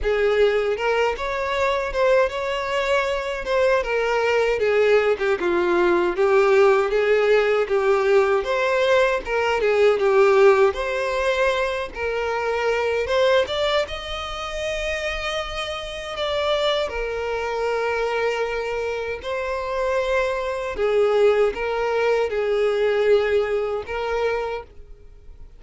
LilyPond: \new Staff \with { instrumentName = "violin" } { \time 4/4 \tempo 4 = 78 gis'4 ais'8 cis''4 c''8 cis''4~ | cis''8 c''8 ais'4 gis'8. g'16 f'4 | g'4 gis'4 g'4 c''4 | ais'8 gis'8 g'4 c''4. ais'8~ |
ais'4 c''8 d''8 dis''2~ | dis''4 d''4 ais'2~ | ais'4 c''2 gis'4 | ais'4 gis'2 ais'4 | }